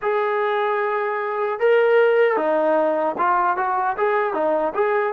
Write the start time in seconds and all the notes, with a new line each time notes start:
0.02 G#4
1.59 A#4
2.36 D#4
3.18 F4
3.56 F#4
3.97 G#4
4.33 D#4
4.74 G#4